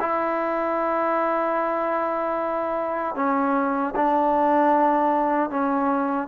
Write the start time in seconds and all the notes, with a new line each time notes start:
0.00 E4
3.15 C#4
3.96 D4
5.50 C#4